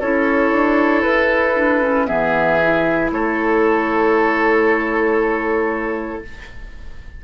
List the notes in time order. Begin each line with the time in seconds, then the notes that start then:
0.00 C#4 E4 A4 C#5
0.52 D4
1.03 E4 B4
1.56 D4
1.82 C#4
2.06 E3 B3 G#4 E5
2.62 E4
3.11 A3 A4 C#5